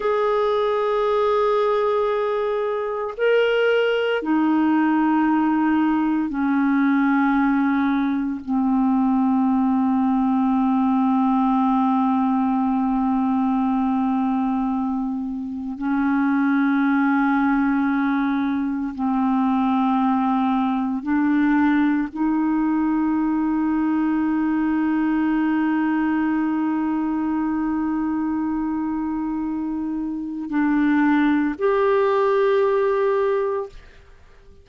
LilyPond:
\new Staff \with { instrumentName = "clarinet" } { \time 4/4 \tempo 4 = 57 gis'2. ais'4 | dis'2 cis'2 | c'1~ | c'2. cis'4~ |
cis'2 c'2 | d'4 dis'2.~ | dis'1~ | dis'4 d'4 g'2 | }